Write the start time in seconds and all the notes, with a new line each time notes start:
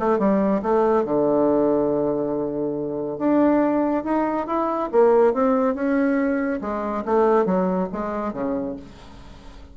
0.00 A3
0.19 G3
0.63 A3
1.05 D3
3.19 D4
4.04 D#4
4.47 E4
4.93 A#3
5.34 C4
5.75 C#4
6.61 G#3
7.06 A3
7.46 F#3
7.93 G#3
8.33 C#3